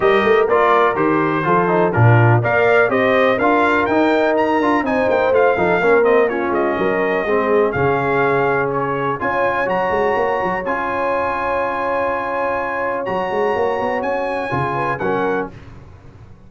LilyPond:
<<
  \new Staff \with { instrumentName = "trumpet" } { \time 4/4 \tempo 4 = 124 dis''4 d''4 c''2 | ais'4 f''4 dis''4 f''4 | g''4 ais''4 gis''8 g''8 f''4~ | f''8 dis''8 cis''8 dis''2~ dis''8 |
f''2 cis''4 gis''4 | ais''2 gis''2~ | gis''2. ais''4~ | ais''4 gis''2 fis''4 | }
  \new Staff \with { instrumentName = "horn" } { \time 4/4 ais'2. a'4 | f'4 d''4 c''4 ais'4~ | ais'2 c''4. a'8 | ais'4 f'4 ais'4 gis'4~ |
gis'2. cis''4~ | cis''1~ | cis''1~ | cis''2~ cis''8 b'8 ais'4 | }
  \new Staff \with { instrumentName = "trombone" } { \time 4/4 g'4 f'4 g'4 f'8 dis'8 | d'4 ais'4 g'4 f'4 | dis'4. f'8 dis'4 f'8 dis'8 | cis'8 c'8 cis'2 c'4 |
cis'2. f'4 | fis'2 f'2~ | f'2. fis'4~ | fis'2 f'4 cis'4 | }
  \new Staff \with { instrumentName = "tuba" } { \time 4/4 g8 a8 ais4 dis4 f4 | ais,4 ais4 c'4 d'4 | dis'4. d'8 c'8 ais8 a8 f8 | ais4. gis8 fis4 gis4 |
cis2. cis'4 | fis8 gis8 ais8 fis8 cis'2~ | cis'2. fis8 gis8 | ais8 b8 cis'4 cis4 fis4 | }
>>